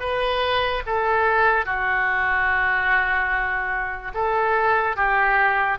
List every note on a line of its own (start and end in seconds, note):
0.00 0.82 B4
0.86 1.66 A4
1.66 4.12 F#4
4.14 4.97 A4
4.97 5.78 G4